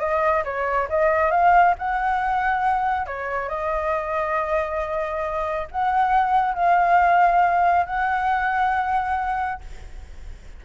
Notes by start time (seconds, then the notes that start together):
0.00 D#5
0.45 C#5
0.89 D#5
1.31 F5
1.79 F#5
3.07 C#5
3.49 D#5
5.71 F#5
6.55 F5
7.86 F#5